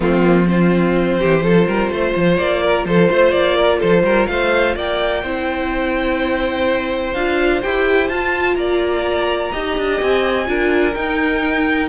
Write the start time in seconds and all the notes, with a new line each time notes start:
0.00 F3 A3 C4 F4
0.22 A#3
0.45 C4 F4 C5
1.19 E3 G4
1.42 F3 F4 A4
1.66 G3 A#4
1.90 A3 C5
2.15 F3
2.36 A#3 D5
2.62 A#4
2.84 F3 A4 C5
3.10 A3 C5
3.31 A#3 D5
3.56 A#4
3.79 F3 A4 C5
4.02 G3 A#4
4.27 A3 C5 F5
4.75 A#3 D5 G5
5.22 C4 E4 C5
7.13 D4 F4 F5
7.62 E4 G4 G5
8.08 F4 A5
8.55 A#3 D5 A#5
9.52 D#4 G4 D#5
9.77 D4
10.01 C4 G#5
10.45 D4 F4 A#4
10.94 D#4 G5